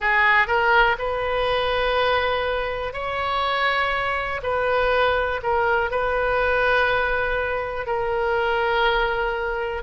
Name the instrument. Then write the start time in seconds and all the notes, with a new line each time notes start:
oboe
0.00 G#4
0.46 A#4
0.98 B4
2.93 C#5
4.42 B4
5.42 A#4
5.90 B4
7.86 A#4